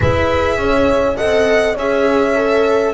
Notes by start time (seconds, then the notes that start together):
0.00 E4 G#4 B4 E5
0.57 C#4 C#5
1.16 C4 A4 D#5 F#5
1.74 C#4 G#4 C#5 E5
2.36 A4